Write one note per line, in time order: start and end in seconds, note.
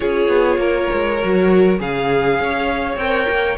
0.00 0.28 C#4
0.00 1.19 F4
0.00 0.60 G#4
0.00 1.79 C#5
0.28 0.57 B3
0.57 0.87 A#3
0.57 1.79 A#4
0.93 1.23 G#3
1.22 1.79 F#3
1.22 1.78 F#4
1.78 2.39 C#3
1.78 2.98 G#4
1.78 2.39 G#4
1.78 2.97 F5
2.39 2.96 C#4
2.39 3.57 C#5
2.96 3.26 C4
2.96 3.57 A#4
2.96 3.57 G5
3.28 3.57 A#3